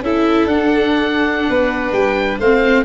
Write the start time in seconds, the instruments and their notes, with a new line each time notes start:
0.00 tuba C#4, viola E4, violin A4, oboe E5
0.46 tuba D4, viola D4, oboe F#5
1.49 tuba B3, violin B4
1.92 tuba G3, oboe G5
2.39 tuba A3, viola C4, violin C5, oboe F5